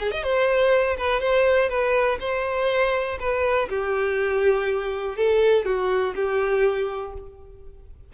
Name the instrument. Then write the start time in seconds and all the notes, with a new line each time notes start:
violin
0.00 G#4
0.11 D#5
0.23 C5
0.98 B4
1.21 C5
1.69 B4
2.20 C5
3.20 B4
3.70 G4
5.17 A4
5.66 F#4
6.15 G4